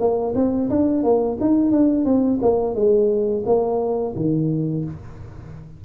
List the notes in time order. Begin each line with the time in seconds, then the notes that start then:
0.00 A#3
0.35 C4
0.71 D4
1.04 A#3
1.41 D#4
1.72 D4
2.05 C4
2.42 A#3
2.75 G#3
3.46 A#3
4.16 D#3